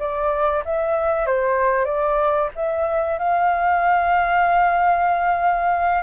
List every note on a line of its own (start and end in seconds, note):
0.00 0.64 D5
0.65 1.26 E5
1.26 1.85 C5
1.85 2.49 D5
2.56 3.19 E5
3.19 6.03 F5